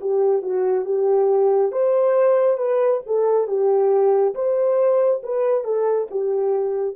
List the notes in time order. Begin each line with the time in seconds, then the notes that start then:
0.00 G4
0.42 F#4
0.85 G4
1.72 C5
2.57 B4
3.06 A4
3.47 G4
4.34 C5
5.23 B4
5.64 A4
6.10 G4